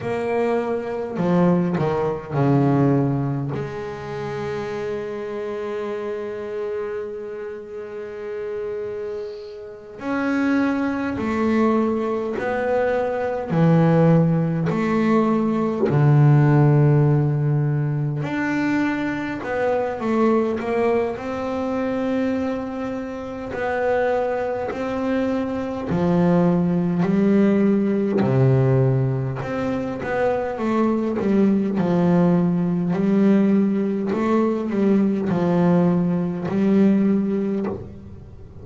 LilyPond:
\new Staff \with { instrumentName = "double bass" } { \time 4/4 \tempo 4 = 51 ais4 f8 dis8 cis4 gis4~ | gis1~ | gis8 cis'4 a4 b4 e8~ | e8 a4 d2 d'8~ |
d'8 b8 a8 ais8 c'2 | b4 c'4 f4 g4 | c4 c'8 b8 a8 g8 f4 | g4 a8 g8 f4 g4 | }